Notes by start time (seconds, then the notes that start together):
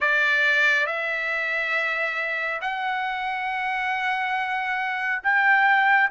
0.00 D5
0.86 E5
2.61 F#5
5.23 G5